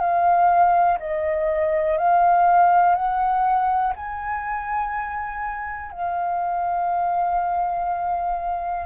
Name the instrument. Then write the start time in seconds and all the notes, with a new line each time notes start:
flute
0.00 F5
1.00 D#5
1.98 F5
2.96 F#5
3.97 G#5
5.92 F5